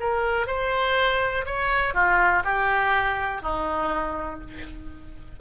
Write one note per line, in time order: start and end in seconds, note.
0.00 0.47 A#4
0.47 1.45 C5
1.46 1.94 C#5
1.94 2.43 F4
2.44 3.42 G4
3.42 4.40 D#4